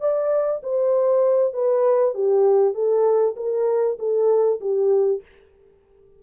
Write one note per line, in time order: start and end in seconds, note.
0.00 0.61 D5
0.63 1.53 C5
1.53 2.14 B4
2.14 2.74 G4
2.74 3.35 A4
3.36 3.97 A#4
3.99 4.60 A4
4.60 5.22 G4